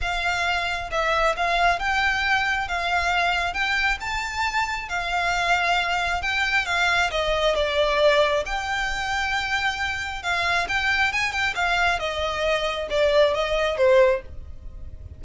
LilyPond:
\new Staff \with { instrumentName = "violin" } { \time 4/4 \tempo 4 = 135 f''2 e''4 f''4 | g''2 f''2 | g''4 a''2 f''4~ | f''2 g''4 f''4 |
dis''4 d''2 g''4~ | g''2. f''4 | g''4 gis''8 g''8 f''4 dis''4~ | dis''4 d''4 dis''4 c''4 | }